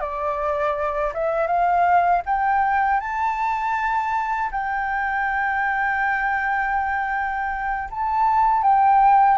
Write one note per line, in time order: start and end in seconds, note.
0.00 1.12 D5
1.14 1.47 E5
1.47 2.22 F5
2.26 3.00 G5
3.00 4.50 A5
4.51 7.89 G5
7.91 8.62 A5
8.62 9.38 G5